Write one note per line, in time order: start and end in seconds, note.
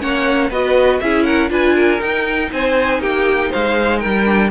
0.00 0.50 A#3
0.00 0.50 C#4
0.00 0.49 C#5
0.00 0.51 F#5
0.49 1.00 B3
0.49 1.02 F#4
0.49 0.99 B4
0.49 1.00 D#5
1.00 1.50 C#4
1.00 1.49 E4
1.00 1.25 G#4
1.00 1.24 E5
1.24 1.50 A#4
1.24 1.49 F#5
1.49 2.00 D4
1.49 1.98 F4
1.49 1.75 B4
1.49 2.01 G#5
1.75 2.50 A#4
1.98 4.23 D#4
1.98 2.51 D#4
1.98 2.51 G5
2.52 3.00 C4
2.52 3.01 C5
2.52 3.02 G#5
3.00 3.50 A#3
3.00 3.50 G4
3.00 3.52 G5
3.50 4.05 G#3
3.50 3.99 C5
3.50 3.99 F5
3.99 4.51 G3
3.99 4.49 A#4
3.99 4.49 G5
4.25 4.50 D4